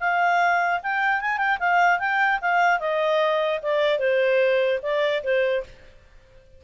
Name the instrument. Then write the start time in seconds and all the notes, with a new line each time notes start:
clarinet
0.00 F5
0.83 G5
1.21 G#5
1.38 G5
1.60 F5
2.00 G5
2.42 F5
2.80 D#5
3.62 D5
3.99 C5
4.83 D5
5.24 C5